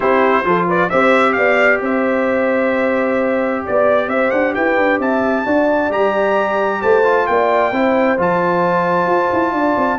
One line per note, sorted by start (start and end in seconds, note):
0.00 0.45 C4
0.00 0.44 E4
0.00 0.45 G4
0.00 0.68 C5
0.44 0.90 F3
0.44 0.90 F4
0.44 0.67 A4
0.67 0.89 B4
0.67 0.89 D5
0.89 1.37 C4
0.89 5.45 G4
0.89 1.36 C5
0.89 1.32 E5
1.32 1.80 B3
1.32 1.82 D5
1.32 1.78 F5
1.80 3.62 C4
1.80 3.64 C5
1.80 3.66 E5
3.64 4.07 B3
3.64 4.10 D5
3.64 4.09 D5
4.07 4.30 C4
4.07 4.54 C5
4.07 4.31 E5
4.31 4.55 D4
4.31 4.53 F#5
4.54 4.77 E4
4.54 5.00 B4
4.54 4.99 G5
4.77 4.98 D4
4.98 5.44 C4
4.98 5.45 E5
4.98 5.91 A5
5.45 5.90 D4
5.45 5.90 F#4
5.45 6.81 D5
5.90 6.81 G3
5.90 7.04 G4
5.90 6.82 A#5
6.81 7.28 A3
6.81 7.26 C5
6.81 7.26 A5
7.04 7.72 F4
7.26 7.71 A#3
7.26 7.74 D5
7.26 8.17 G5
7.71 8.17 C4
7.71 8.17 E4
7.71 9.54 C5
8.17 9.06 F3
8.17 9.99 F4
8.17 9.99 A5
9.06 9.28 F4
9.32 9.53 E4
9.53 9.75 D4
9.53 9.99 D5
9.77 9.99 C4